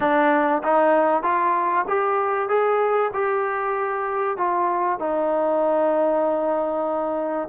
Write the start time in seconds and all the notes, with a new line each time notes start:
0.00 D4
0.63 D#4
1.22 F4
1.88 G4
2.48 G#4
3.13 G4
4.37 F4
4.99 D#4